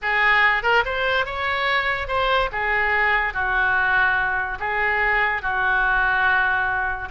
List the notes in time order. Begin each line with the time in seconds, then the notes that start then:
0.02 G#4
0.62 A#4
0.85 C5
1.25 C#5
2.07 C5
2.52 G#4
3.33 F#4
4.59 G#4
5.42 F#4